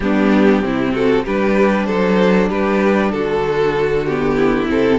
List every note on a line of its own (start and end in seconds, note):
0.00 0.62 G3
0.00 0.62 B3
0.00 0.64 D4
0.00 0.93 G4
0.62 1.25 C3
0.62 1.25 C4
0.62 0.92 E4
0.92 1.24 F#4
0.92 1.25 A4
1.24 1.88 G3
1.24 4.08 D4
1.24 1.86 G4
1.24 1.86 B4
1.86 2.50 F#3
1.86 2.49 A4
1.86 2.48 C5
2.49 3.12 G3
2.49 3.12 G4
2.49 3.11 B4
3.11 4.70 D3
3.11 4.35 F#4
3.11 4.05 A4
4.05 4.68 B3
4.05 4.68 G4
4.35 4.98 E4
4.68 4.98 C3
4.68 4.98 C4
4.68 4.98 A4